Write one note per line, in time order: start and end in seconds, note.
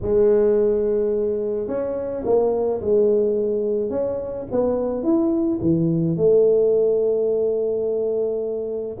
0.01 1.67 G#3
1.67 2.23 C#4
2.24 2.80 A#3
2.81 3.90 G#3
3.90 4.46 C#4
4.51 5.03 B3
5.03 5.59 E4
5.61 6.17 E3
6.17 8.97 A3